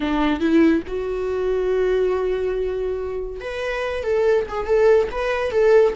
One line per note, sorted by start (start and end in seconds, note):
0.00 0.39 D4
0.39 0.82 E4
0.87 3.40 F#4
3.40 4.03 B4
4.03 4.46 A4
4.48 4.66 G#4
4.66 5.08 A4
5.11 5.51 B4
5.51 5.93 A4